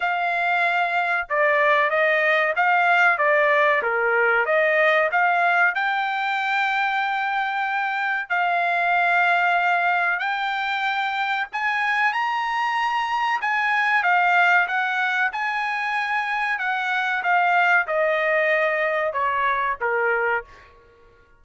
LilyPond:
\new Staff \with { instrumentName = "trumpet" } { \time 4/4 \tempo 4 = 94 f''2 d''4 dis''4 | f''4 d''4 ais'4 dis''4 | f''4 g''2.~ | g''4 f''2. |
g''2 gis''4 ais''4~ | ais''4 gis''4 f''4 fis''4 | gis''2 fis''4 f''4 | dis''2 cis''4 ais'4 | }